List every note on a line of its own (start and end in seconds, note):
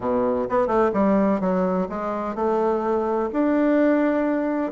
0.00 0.47 B2
0.49 0.67 B3
0.67 0.90 A3
0.93 1.40 G3
1.40 1.87 F#3
1.89 2.35 G#3
2.35 3.29 A3
3.32 4.72 D4